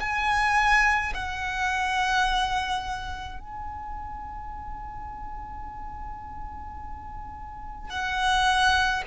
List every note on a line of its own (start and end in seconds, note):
0.00 1.13 G#5
1.14 3.39 F#5
3.39 7.89 G#5
7.89 9.03 F#5